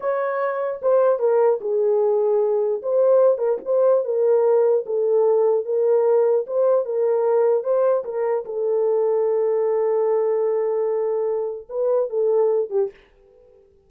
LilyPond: \new Staff \with { instrumentName = "horn" } { \time 4/4 \tempo 4 = 149 cis''2 c''4 ais'4 | gis'2. c''4~ | c''8 ais'8 c''4 ais'2 | a'2 ais'2 |
c''4 ais'2 c''4 | ais'4 a'2.~ | a'1~ | a'4 b'4 a'4. g'8 | }